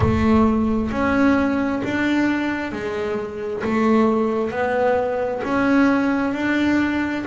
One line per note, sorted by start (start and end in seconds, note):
0.00 0.90 A3
0.91 1.82 C#4
1.83 2.71 D4
2.71 3.62 G#3
3.64 4.50 A3
4.50 5.41 B3
5.43 6.33 C#4
6.33 7.24 D4